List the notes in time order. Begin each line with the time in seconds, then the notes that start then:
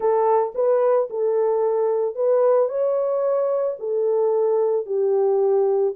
0.00 A4
0.54 B4
1.10 A4
2.15 B4
2.68 C#5
3.79 A4
4.86 G4